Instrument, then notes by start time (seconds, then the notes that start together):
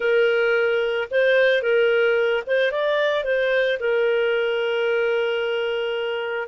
clarinet
0.00 A#4
1.11 C5
1.62 A#4
2.46 C5
2.71 D5
3.24 C5
3.79 A#4